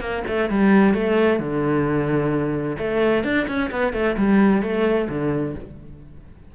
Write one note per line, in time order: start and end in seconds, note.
0.00 0.23 A#3
0.27 0.50 A3
0.50 0.94 G3
0.94 1.39 A3
1.39 2.77 D3
2.78 3.24 A3
3.24 3.46 D4
3.48 3.71 C#4
3.71 3.93 B3
3.93 4.16 A3
4.17 4.62 G3
4.62 5.08 A3
5.09 5.55 D3